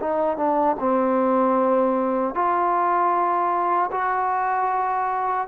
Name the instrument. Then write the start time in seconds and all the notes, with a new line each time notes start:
trombone
0.00 D#4
0.37 D4
0.79 C4
2.34 F4
3.91 F#4